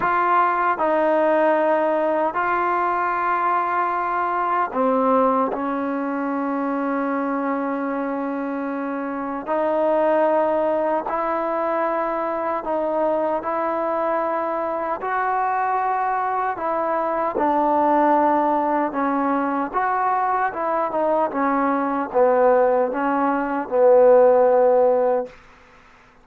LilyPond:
\new Staff \with { instrumentName = "trombone" } { \time 4/4 \tempo 4 = 76 f'4 dis'2 f'4~ | f'2 c'4 cis'4~ | cis'1 | dis'2 e'2 |
dis'4 e'2 fis'4~ | fis'4 e'4 d'2 | cis'4 fis'4 e'8 dis'8 cis'4 | b4 cis'4 b2 | }